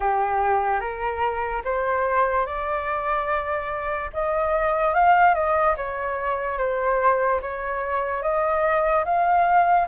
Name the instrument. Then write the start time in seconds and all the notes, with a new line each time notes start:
flute
0.00 G4
0.80 A#4
1.64 C5
2.45 D5
4.13 D#5
4.94 F5
5.34 D#5
5.76 C#5
6.58 C5
7.41 C#5
8.22 D#5
9.04 F5